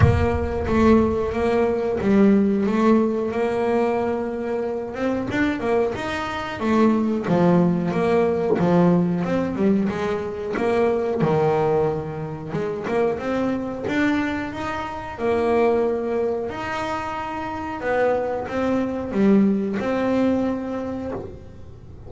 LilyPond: \new Staff \with { instrumentName = "double bass" } { \time 4/4 \tempo 4 = 91 ais4 a4 ais4 g4 | a4 ais2~ ais8 c'8 | d'8 ais8 dis'4 a4 f4 | ais4 f4 c'8 g8 gis4 |
ais4 dis2 gis8 ais8 | c'4 d'4 dis'4 ais4~ | ais4 dis'2 b4 | c'4 g4 c'2 | }